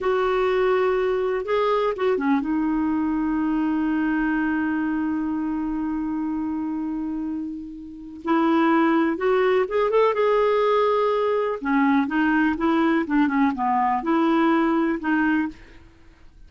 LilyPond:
\new Staff \with { instrumentName = "clarinet" } { \time 4/4 \tempo 4 = 124 fis'2. gis'4 | fis'8 cis'8 dis'2.~ | dis'1~ | dis'1~ |
dis'4 e'2 fis'4 | gis'8 a'8 gis'2. | cis'4 dis'4 e'4 d'8 cis'8 | b4 e'2 dis'4 | }